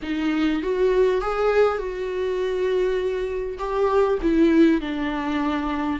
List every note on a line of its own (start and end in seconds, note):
0.02 0.62 D#4
0.62 1.21 F#4
1.21 1.78 G#4
1.78 3.58 F#4
3.58 4.18 G4
4.21 4.80 E4
4.80 5.99 D4